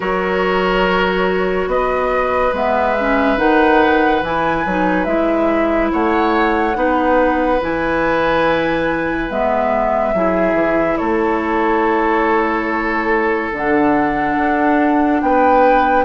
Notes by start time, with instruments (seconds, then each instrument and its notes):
0.00 bassoon F#3, clarinet F#4, oboe A#4, flute C#5
1.67 bassoon B3, oboe B4, flute D#5
2.52 bassoon G#3, clarinet B3, flute E5
2.99 clarinet C#4
3.36 bassoon D#3, clarinet D#4, flute F#5
4.22 bassoon E3, clarinet E4, flute G#5
4.65 bassoon F#3, clarinet D#4
5.04 bassoon G#3, clarinet E4, flute E5
5.92 bassoon A3, oboe C#5, flute F#5
6.74 bassoon B3, clarinet D#4, oboe B4
7.61 bassoon E3, clarinet E4, flute G#5
9.30 bassoon G#3, clarinet B3, flute E5
10.13 bassoon F#3, clarinet E4, oboe G#4
10.53 bassoon E3
10.97 bassoon A3, oboe A4, flute C#5
13.52 bassoon D3, clarinet D4, flute F#5
14.37 bassoon D4
15.21 bassoon B3, oboe B4, flute G5